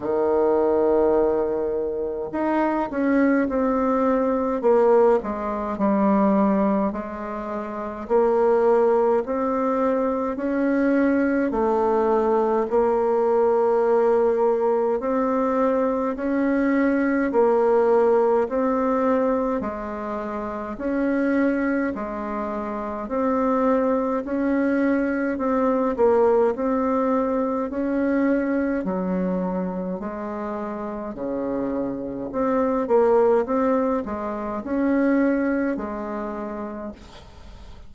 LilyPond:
\new Staff \with { instrumentName = "bassoon" } { \time 4/4 \tempo 4 = 52 dis2 dis'8 cis'8 c'4 | ais8 gis8 g4 gis4 ais4 | c'4 cis'4 a4 ais4~ | ais4 c'4 cis'4 ais4 |
c'4 gis4 cis'4 gis4 | c'4 cis'4 c'8 ais8 c'4 | cis'4 fis4 gis4 cis4 | c'8 ais8 c'8 gis8 cis'4 gis4 | }